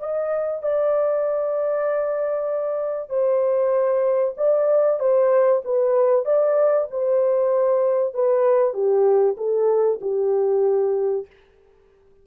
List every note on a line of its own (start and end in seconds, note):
0.00 0.62 D#5
0.63 3.10 D5
3.10 4.35 C5
4.38 5.00 D5
5.00 5.62 C5
5.65 6.26 B4
6.26 6.88 D5
6.91 8.14 C5
8.14 8.74 B4
8.74 9.36 G4
9.38 10.00 A4
10.01 11.26 G4